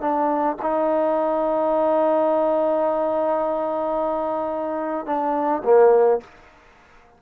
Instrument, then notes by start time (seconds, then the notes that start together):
trombone
0.00 D4
0.62 D#4
5.06 D4
5.64 A#3